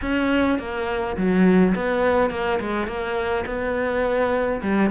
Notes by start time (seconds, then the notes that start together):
0.01 C#4
0.58 A#3
1.16 F#3
1.75 B3
2.30 A#3
2.60 G#3
2.87 A#3
3.46 B3
4.61 G3